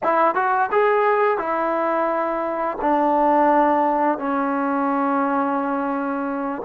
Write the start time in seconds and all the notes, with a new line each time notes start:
0.03 E4
0.35 F#4
0.71 G#4
1.38 E4
2.81 D4
4.18 C#4